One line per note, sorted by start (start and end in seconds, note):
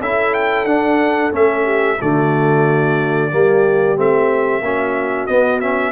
0.00 0.65 C#4
0.00 0.66 E4
0.00 1.64 A4
0.00 0.33 E5
0.33 0.65 G5
0.65 1.30 D4
0.65 1.31 D4
0.65 1.31 F#5
1.31 1.98 A3
1.31 1.97 C#4
1.31 2.01 E5
1.64 1.97 G4
2.00 3.32 D3
2.00 3.31 A3
2.00 3.31 F#4
2.00 3.99 D5
3.31 3.97 G3
3.31 3.96 A#3
3.31 4.63 G4
3.96 4.61 A3
3.96 4.62 C4
3.96 5.26 E5
4.61 5.27 A#3
4.61 5.28 C#4
4.61 5.92 F#4
5.26 5.61 B3
5.26 5.92 B3
5.26 5.59 D#5
5.60 5.92 C#4
5.60 5.92 E5